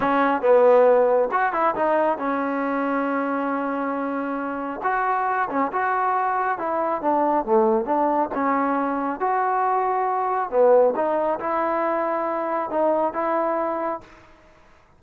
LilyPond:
\new Staff \with { instrumentName = "trombone" } { \time 4/4 \tempo 4 = 137 cis'4 b2 fis'8 e'8 | dis'4 cis'2.~ | cis'2. fis'4~ | fis'8 cis'8 fis'2 e'4 |
d'4 a4 d'4 cis'4~ | cis'4 fis'2. | b4 dis'4 e'2~ | e'4 dis'4 e'2 | }